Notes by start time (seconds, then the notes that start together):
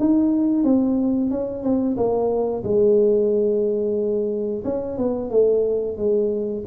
0.00 D#4
0.64 C4
1.31 C#4
1.63 C4
1.97 A#3
2.64 G#3
4.65 C#4
4.98 B3
5.31 A3
5.98 G#3